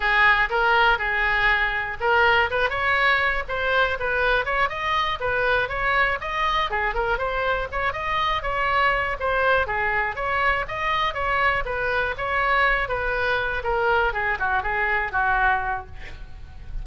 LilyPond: \new Staff \with { instrumentName = "oboe" } { \time 4/4 \tempo 4 = 121 gis'4 ais'4 gis'2 | ais'4 b'8 cis''4. c''4 | b'4 cis''8 dis''4 b'4 cis''8~ | cis''8 dis''4 gis'8 ais'8 c''4 cis''8 |
dis''4 cis''4. c''4 gis'8~ | gis'8 cis''4 dis''4 cis''4 b'8~ | b'8 cis''4. b'4. ais'8~ | ais'8 gis'8 fis'8 gis'4 fis'4. | }